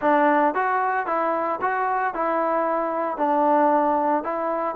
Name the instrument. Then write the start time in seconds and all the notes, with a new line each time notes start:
trombone
0.01 D4
0.54 F#4
1.06 E4
1.61 F#4
2.14 E4
3.17 D4
4.23 E4